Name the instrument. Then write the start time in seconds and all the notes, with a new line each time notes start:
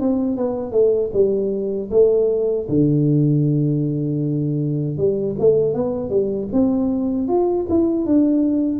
tuba
0.00 C4
0.37 B3
0.72 A3
1.13 G3
1.91 A3
2.69 D3
4.98 G3
5.40 A3
5.74 B3
6.10 G3
6.52 C4
7.28 F4
7.69 E4
8.06 D4